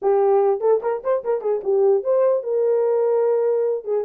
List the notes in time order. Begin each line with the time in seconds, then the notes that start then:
0.01 G4
0.60 A4
0.82 A#4
1.03 C5
1.24 A#4
1.41 G#4
1.63 G4
2.03 C5
2.43 A#4
3.84 G#4